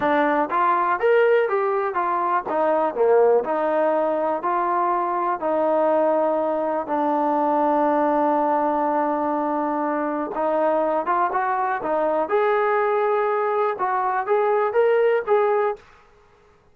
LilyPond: \new Staff \with { instrumentName = "trombone" } { \time 4/4 \tempo 4 = 122 d'4 f'4 ais'4 g'4 | f'4 dis'4 ais4 dis'4~ | dis'4 f'2 dis'4~ | dis'2 d'2~ |
d'1~ | d'4 dis'4. f'8 fis'4 | dis'4 gis'2. | fis'4 gis'4 ais'4 gis'4 | }